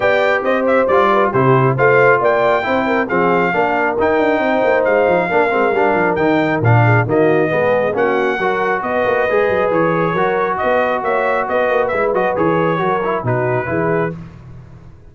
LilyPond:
<<
  \new Staff \with { instrumentName = "trumpet" } { \time 4/4 \tempo 4 = 136 g''4 dis''8 e''8 d''4 c''4 | f''4 g''2 f''4~ | f''4 g''2 f''4~ | f''2 g''4 f''4 |
dis''2 fis''2 | dis''2 cis''2 | dis''4 e''4 dis''4 e''8 dis''8 | cis''2 b'2 | }
  \new Staff \with { instrumentName = "horn" } { \time 4/4 d''4 c''4. b'8 g'4 | c''4 d''4 c''8 ais'8 gis'4 | ais'2 c''2 | ais'2.~ ais'8 gis'8 |
fis'4 gis'4 fis'4 ais'4 | b'2. ais'4 | b'4 cis''4 b'2~ | b'4 ais'4 fis'4 gis'4 | }
  \new Staff \with { instrumentName = "trombone" } { \time 4/4 g'2 f'4 e'4 | f'2 e'4 c'4 | d'4 dis'2. | d'8 c'8 d'4 dis'4 d'4 |
ais4 b4 cis'4 fis'4~ | fis'4 gis'2 fis'4~ | fis'2. e'8 fis'8 | gis'4 fis'8 e'8 dis'4 e'4 | }
  \new Staff \with { instrumentName = "tuba" } { \time 4/4 b4 c'4 g4 c4 | a4 ais4 c'4 f4 | ais4 dis'8 d'8 c'8 ais8 gis8 f8 | ais8 gis8 g8 f8 dis4 ais,4 |
dis4 gis4 ais4 fis4 | b8 ais8 gis8 fis8 e4 fis4 | b4 ais4 b8 ais8 gis8 fis8 | e4 fis4 b,4 e4 | }
>>